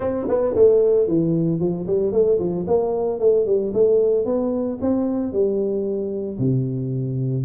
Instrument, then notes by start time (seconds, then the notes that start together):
tuba
0.00 C4
0.28 B3
0.55 A3
1.07 E3
1.59 F3
1.86 G3
2.12 A3
2.39 F3
2.67 A#3
3.19 A3
3.46 G3
3.73 A3
4.25 B3
4.81 C4
5.32 G3
6.38 C3